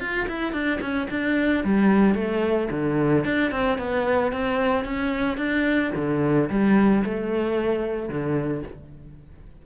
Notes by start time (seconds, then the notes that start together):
0.00 F4
0.28 E4
0.52 D4
0.81 C#4
1.10 D4
1.64 G3
2.14 A3
2.71 D3
3.24 D4
3.51 C4
3.78 B3
4.32 C4
4.84 C#4
5.37 D4
5.95 D3
6.50 G3
7.04 A3
8.09 D3